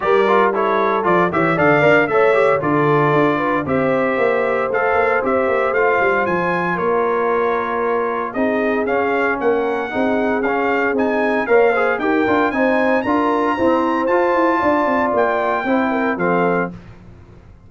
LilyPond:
<<
  \new Staff \with { instrumentName = "trumpet" } { \time 4/4 \tempo 4 = 115 d''4 cis''4 d''8 e''8 f''4 | e''4 d''2 e''4~ | e''4 f''4 e''4 f''4 | gis''4 cis''2. |
dis''4 f''4 fis''2 | f''4 gis''4 f''4 g''4 | gis''4 ais''2 a''4~ | a''4 g''2 f''4 | }
  \new Staff \with { instrumentName = "horn" } { \time 4/4 ais'4 a'4. cis''8 d''4 | cis''4 a'4. b'8 c''4~ | c''1~ | c''4 ais'2. |
gis'2 ais'4 gis'4~ | gis'2 cis''8 c''8 ais'4 | c''4 ais'4 c''2 | d''2 c''8 ais'8 a'4 | }
  \new Staff \with { instrumentName = "trombone" } { \time 4/4 g'8 f'8 e'4 f'8 g'8 a'8 ais'8 | a'8 g'8 f'2 g'4~ | g'4 a'4 g'4 f'4~ | f'1 |
dis'4 cis'2 dis'4 | cis'4 dis'4 ais'8 gis'8 g'8 f'8 | dis'4 f'4 c'4 f'4~ | f'2 e'4 c'4 | }
  \new Staff \with { instrumentName = "tuba" } { \time 4/4 g2 f8 e8 d8 d'8 | a4 d4 d'4 c'4 | ais4 a8 ais8 c'8 ais8 a8 g8 | f4 ais2. |
c'4 cis'4 ais4 c'4 | cis'4 c'4 ais4 dis'8 d'8 | c'4 d'4 e'4 f'8 e'8 | d'8 c'8 ais4 c'4 f4 | }
>>